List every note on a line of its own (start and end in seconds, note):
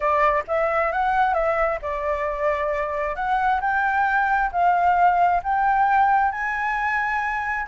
0.00 0.43 D5
0.47 0.92 E5
0.92 1.33 F#5
1.33 1.79 E5
1.82 3.15 D5
3.15 3.60 F#5
3.60 4.51 G5
4.52 5.42 F5
5.43 6.31 G5
6.31 7.67 G#5